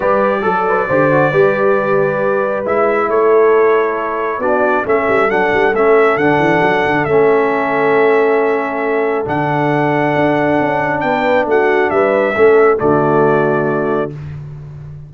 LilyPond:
<<
  \new Staff \with { instrumentName = "trumpet" } { \time 4/4 \tempo 4 = 136 d''1~ | d''2 e''4 cis''4~ | cis''2 d''4 e''4 | fis''4 e''4 fis''2 |
e''1~ | e''4 fis''2.~ | fis''4 g''4 fis''4 e''4~ | e''4 d''2. | }
  \new Staff \with { instrumentName = "horn" } { \time 4/4 b'4 a'8 b'8 c''4 b'4~ | b'2. a'4~ | a'2 fis'4 a'4~ | a'1~ |
a'1~ | a'1~ | a'4 b'4 fis'4 b'4 | a'4 fis'2. | }
  \new Staff \with { instrumentName = "trombone" } { \time 4/4 g'4 a'4 g'8 fis'8 g'4~ | g'2 e'2~ | e'2 d'4 cis'4 | d'4 cis'4 d'2 |
cis'1~ | cis'4 d'2.~ | d'1 | cis'4 a2. | }
  \new Staff \with { instrumentName = "tuba" } { \time 4/4 g4 fis4 d4 g4~ | g2 gis4 a4~ | a2 b4 a8 g8 | fis8 g8 a4 d8 e8 fis8 d8 |
a1~ | a4 d2 d'4 | cis'4 b4 a4 g4 | a4 d2. | }
>>